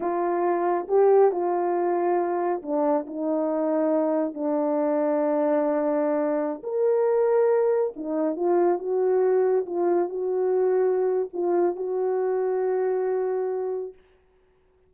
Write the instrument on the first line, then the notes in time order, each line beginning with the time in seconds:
horn
0.00 F4
0.88 G4
1.31 F4
2.62 D4
3.06 D#4
4.33 D4
6.63 A#4
7.95 D#4
8.36 F4
8.78 F#4
9.66 F4
10.09 F#4
11.33 F4
11.76 F#4